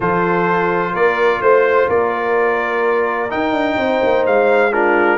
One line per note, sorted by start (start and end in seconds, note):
0.00 0.94 F3
0.00 3.29 F4
0.00 0.93 A4
0.00 0.95 C5
0.93 1.41 A#3
0.93 1.40 A#4
0.93 1.41 D5
1.41 1.88 A3
1.41 1.89 C5
1.41 1.88 C5
1.88 3.30 A#3
1.88 3.77 A#4
1.88 3.31 D5
3.29 4.71 D#4
3.29 3.52 D#4
3.29 4.25 G5
3.52 3.76 D4
3.76 4.00 C4
3.76 4.72 C5
4.03 4.26 A#3
4.26 5.18 G#3
4.26 4.72 F5
4.71 5.18 D4
4.71 5.18 F4
4.71 5.18 A#4